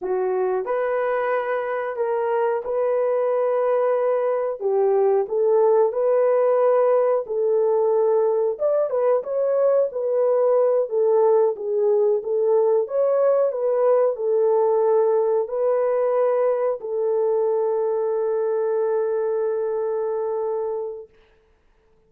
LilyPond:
\new Staff \with { instrumentName = "horn" } { \time 4/4 \tempo 4 = 91 fis'4 b'2 ais'4 | b'2. g'4 | a'4 b'2 a'4~ | a'4 d''8 b'8 cis''4 b'4~ |
b'8 a'4 gis'4 a'4 cis''8~ | cis''8 b'4 a'2 b'8~ | b'4. a'2~ a'8~ | a'1 | }